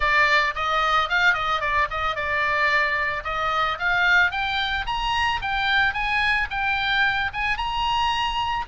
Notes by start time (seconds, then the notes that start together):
0.00 D5
0.55 D#5
1.09 F5
1.33 D#5
1.60 D5
1.90 D#5
2.15 D5
3.24 D#5
3.78 F5
4.31 G5
4.86 A#5
5.41 G5
5.93 G#5
6.50 G5
7.33 G#5
7.57 A#5